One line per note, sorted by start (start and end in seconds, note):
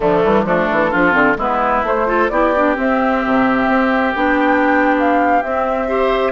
0.00 0.22 D3
0.00 0.25 F3
0.00 0.45 A3
0.00 0.46 D4
0.24 0.44 E3
0.24 0.46 G3
0.44 0.67 F3
0.44 0.91 A3
0.44 0.91 D4
0.44 1.38 A4
0.71 0.94 E3
0.91 1.14 F3
0.91 1.11 D4
0.91 1.37 F4
1.11 1.36 D3
1.11 1.34 C4
1.36 1.82 G#3
1.36 1.84 B3
1.36 2.07 E4
1.36 1.85 B4
1.82 2.29 A3
1.82 2.06 A3
1.82 2.29 C5
2.06 2.29 F4
2.06 2.31 A4
2.29 2.76 B3
2.29 2.54 E4
2.29 5.88 G4
2.29 2.75 D5
2.55 2.75 D4
2.75 4.13 C4
2.75 3.23 C4
2.75 4.14 E5
3.26 3.67 C3
3.67 4.13 C4
4.14 5.42 B3
4.14 5.42 D4
4.14 4.95 G5
4.99 5.42 F5
5.42 6.32 C4
5.42 5.87 C4
5.42 6.32 E5
5.87 6.32 G4
5.87 6.32 C5